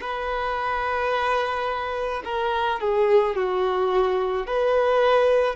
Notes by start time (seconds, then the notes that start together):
0.00 B4
2.24 A#4
2.80 G#4
3.35 F#4
4.46 B4